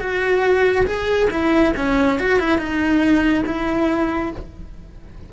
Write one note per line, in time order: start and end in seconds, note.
0.00 0.86 F#4
0.86 1.29 G#4
1.31 1.73 E4
1.76 2.19 C#4
2.19 2.39 F#4
2.39 2.58 E4
2.58 3.44 D#4
3.46 4.32 E4